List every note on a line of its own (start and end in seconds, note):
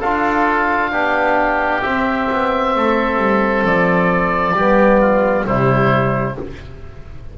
0.00 0.93 D4
0.00 0.92 F4
0.00 0.91 A4
0.00 1.82 F5
0.92 1.84 B3
0.92 1.83 D4
0.92 2.74 G4
1.82 4.56 C4
1.82 2.30 C4
1.82 3.64 E5
2.31 2.76 B3
2.76 3.17 A3
2.76 4.56 A4
3.17 3.62 G3
3.65 4.54 F3
3.65 5.46 D5
4.54 5.45 G3
4.54 5.44 B3
4.54 5.01 G4
5.01 5.46 F4
5.44 6.38 C3
5.44 6.35 G3
5.44 6.37 E4
5.44 6.37 C5